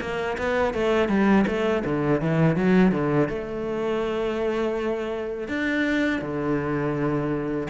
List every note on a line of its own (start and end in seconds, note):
0.00 0.37 A#3
0.37 0.74 B3
0.74 1.08 A3
1.08 1.45 G3
1.46 1.83 A3
1.85 2.21 D3
2.21 2.56 E3
2.56 2.92 F#3
2.92 3.28 D3
3.28 5.48 A3
5.48 6.21 D4
6.21 7.68 D3